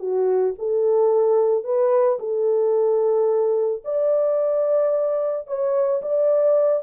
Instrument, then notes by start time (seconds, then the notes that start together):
horn
0.00 F#4
0.59 A4
1.64 B4
2.20 A4
3.85 D5
5.47 C#5
6.02 D5